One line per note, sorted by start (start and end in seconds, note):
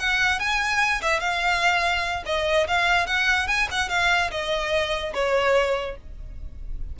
0.00 0.40 F#5
0.40 1.02 G#5
1.02 1.20 E5
1.20 2.24 F5
2.26 2.67 D#5
2.68 3.07 F5
3.07 3.48 F#5
3.48 3.68 G#5
3.71 3.90 F#5
3.90 4.31 F5
4.31 5.14 D#5
5.14 5.97 C#5